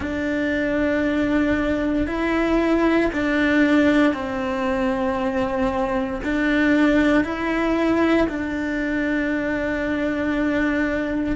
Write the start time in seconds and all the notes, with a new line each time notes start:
0.00 D4
2.06 E4
3.13 D4
4.13 C4
6.23 D4
7.24 E4
8.28 D4